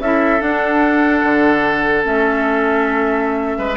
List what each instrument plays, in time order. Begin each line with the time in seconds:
0.00 bassoon C#4, clarinet E4, oboe A4, flute E5
0.41 clarinet D4, bassoon D4, flute F#5
1.23 bassoon D3
2.03 bassoon A3, clarinet C#4, flute E5
3.58 bassoon G#3, oboe B4